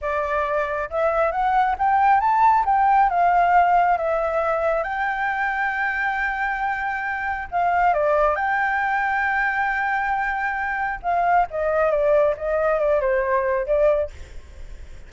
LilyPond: \new Staff \with { instrumentName = "flute" } { \time 4/4 \tempo 4 = 136 d''2 e''4 fis''4 | g''4 a''4 g''4 f''4~ | f''4 e''2 g''4~ | g''1~ |
g''4 f''4 d''4 g''4~ | g''1~ | g''4 f''4 dis''4 d''4 | dis''4 d''8 c''4. d''4 | }